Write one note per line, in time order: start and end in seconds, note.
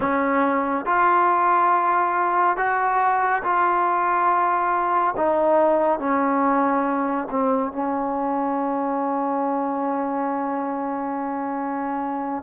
0.00 0.85 C#4
0.85 2.56 F4
2.56 3.42 F#4
3.43 5.14 F4
5.17 5.99 D#4
5.99 7.27 C#4
7.30 7.72 C4
7.72 12.43 C#4